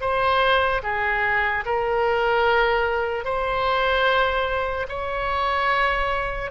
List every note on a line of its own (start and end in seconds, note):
0.00 0.81 C5
0.83 1.64 G#4
1.65 3.24 A#4
3.24 4.86 C5
4.88 6.50 C#5